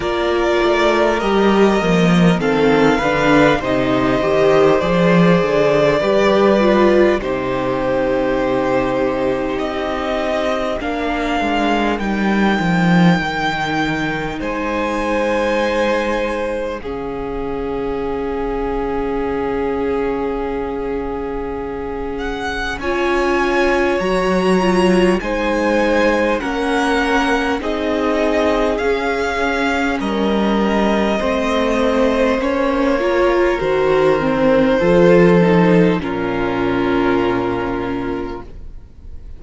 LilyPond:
<<
  \new Staff \with { instrumentName = "violin" } { \time 4/4 \tempo 4 = 50 d''4 dis''4 f''4 dis''4 | d''2 c''2 | dis''4 f''4 g''2 | gis''2 f''2~ |
f''2~ f''8 fis''8 gis''4 | ais''4 gis''4 fis''4 dis''4 | f''4 dis''2 cis''4 | c''2 ais'2 | }
  \new Staff \with { instrumentName = "violin" } { \time 4/4 ais'2 a'8 b'8 c''4~ | c''4 b'4 g'2~ | g'4 ais'2. | c''2 gis'2~ |
gis'2. cis''4~ | cis''4 c''4 ais'4 gis'4~ | gis'4 ais'4 c''4. ais'8~ | ais'4 a'4 f'2 | }
  \new Staff \with { instrumentName = "viola" } { \time 4/4 f'4 g'8 ais8 c'8 d'8 dis'8 g'8 | gis'4 g'8 f'8 dis'2~ | dis'4 d'4 dis'2~ | dis'2 cis'2~ |
cis'2. f'4 | fis'8 f'8 dis'4 cis'4 dis'4 | cis'2 c'4 cis'8 f'8 | fis'8 c'8 f'8 dis'8 cis'2 | }
  \new Staff \with { instrumentName = "cello" } { \time 4/4 ais8 a8 g8 f8 dis8 d8 c8 dis8 | f8 d8 g4 c2 | c'4 ais8 gis8 g8 f8 dis4 | gis2 cis2~ |
cis2. cis'4 | fis4 gis4 ais4 c'4 | cis'4 g4 a4 ais4 | dis4 f4 ais,2 | }
>>